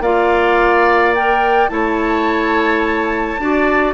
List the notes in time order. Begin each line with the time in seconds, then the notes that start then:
0.00 A#3 F4 D5 F5
1.15 A#4 G5
1.69 A3 E4 C#5 A5
3.39 D4 F#4 D5